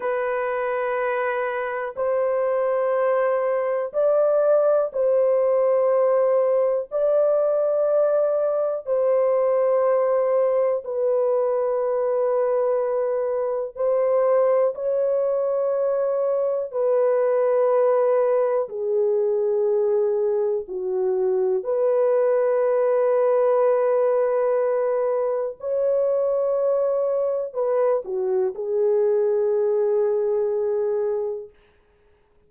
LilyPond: \new Staff \with { instrumentName = "horn" } { \time 4/4 \tempo 4 = 61 b'2 c''2 | d''4 c''2 d''4~ | d''4 c''2 b'4~ | b'2 c''4 cis''4~ |
cis''4 b'2 gis'4~ | gis'4 fis'4 b'2~ | b'2 cis''2 | b'8 fis'8 gis'2. | }